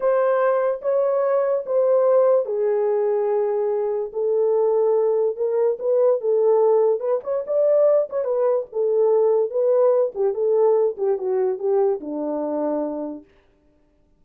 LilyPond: \new Staff \with { instrumentName = "horn" } { \time 4/4 \tempo 4 = 145 c''2 cis''2 | c''2 gis'2~ | gis'2 a'2~ | a'4 ais'4 b'4 a'4~ |
a'4 b'8 cis''8 d''4. cis''8 | b'4 a'2 b'4~ | b'8 g'8 a'4. g'8 fis'4 | g'4 d'2. | }